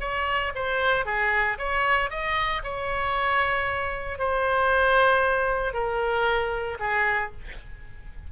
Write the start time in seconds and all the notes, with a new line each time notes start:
0.00 C#5
0.55 C5
1.05 G#4
1.58 C#5
2.10 D#5
2.63 C#5
4.18 C5
5.73 A#4
6.79 G#4